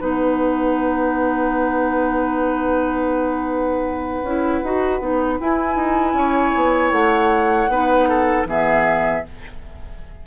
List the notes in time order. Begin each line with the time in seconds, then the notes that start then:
0.00 B3 D#4 B4 F#5
4.23 C#4 E4
4.63 D#4 F#4
5.00 B3 D#4
5.40 E4 G#5
5.76 D#4
6.13 C#4 C#5
6.55 B3
6.92 A3 F#5
7.68 B3 D#4 B4
8.09 A4
8.45 E3 B3 G#4 E5